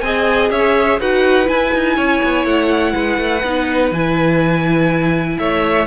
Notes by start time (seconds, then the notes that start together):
0.00 C4 G#4 D#5 G#5
0.50 C#4 C#5 E5
0.99 D#4 F#4 B4 F#5
1.44 E4 G#5
1.74 D#4
1.96 C#4 C#5
2.23 B3
2.45 A3 F#5
2.92 G#3 B4
3.17 A3
3.43 B3 D#4
3.91 E3 E4 G#5
5.38 A3 C#5 E5